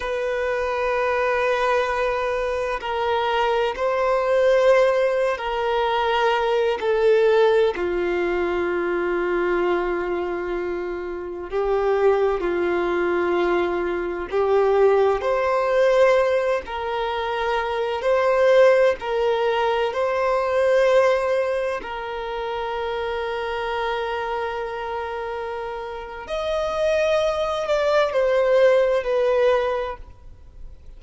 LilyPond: \new Staff \with { instrumentName = "violin" } { \time 4/4 \tempo 4 = 64 b'2. ais'4 | c''4.~ c''16 ais'4. a'8.~ | a'16 f'2.~ f'8.~ | f'16 g'4 f'2 g'8.~ |
g'16 c''4. ais'4. c''8.~ | c''16 ais'4 c''2 ais'8.~ | ais'1 | dis''4. d''8 c''4 b'4 | }